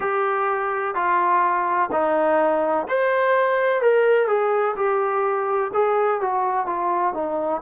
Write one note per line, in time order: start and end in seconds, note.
0.00 0.94 G4
0.94 1.90 F4
1.91 2.87 D#4
2.88 3.81 C5
3.81 4.27 A#4
4.27 4.75 G#4
4.76 5.71 G4
5.73 6.20 G#4
6.20 6.66 F#4
6.66 7.13 F4
7.13 7.61 D#4